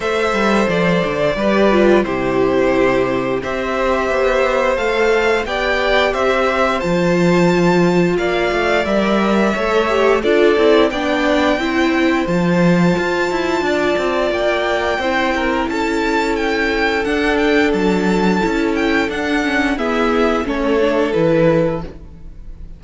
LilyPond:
<<
  \new Staff \with { instrumentName = "violin" } { \time 4/4 \tempo 4 = 88 e''4 d''2 c''4~ | c''4 e''2 f''4 | g''4 e''4 a''2 | f''4 e''2 d''4 |
g''2 a''2~ | a''4 g''2 a''4 | g''4 fis''8 g''8 a''4. g''8 | fis''4 e''4 cis''4 b'4 | }
  \new Staff \with { instrumentName = "violin" } { \time 4/4 c''2 b'4 g'4~ | g'4 c''2. | d''4 c''2. | d''2 cis''4 a'4 |
d''4 c''2. | d''2 c''8 ais'8 a'4~ | a'1~ | a'4 gis'4 a'2 | }
  \new Staff \with { instrumentName = "viola" } { \time 4/4 a'2 g'8 f'8 e'4~ | e'4 g'2 a'4 | g'2 f'2~ | f'4 ais'4 a'8 g'8 f'8 e'8 |
d'4 e'4 f'2~ | f'2 e'2~ | e'4 d'2 e'4 | d'8 cis'8 b4 cis'8 d'8 e'4 | }
  \new Staff \with { instrumentName = "cello" } { \time 4/4 a8 g8 f8 d8 g4 c4~ | c4 c'4 b4 a4 | b4 c'4 f2 | ais8 a8 g4 a4 d'8 c'8 |
b4 c'4 f4 f'8 e'8 | d'8 c'8 ais4 c'4 cis'4~ | cis'4 d'4 fis4 cis'4 | d'4 e'4 a4 e4 | }
>>